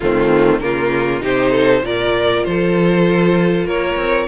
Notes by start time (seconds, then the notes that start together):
0.00 D#3 A3 C4 F4
0.59 C#3 A#3 F4 A#4
1.20 C3 D#4 G4 C5
1.50 A4
1.81 A#2 F4 A#4 D5
2.44 F3 A4 C5
3.64 A#3 A#4 C#5
3.95 C4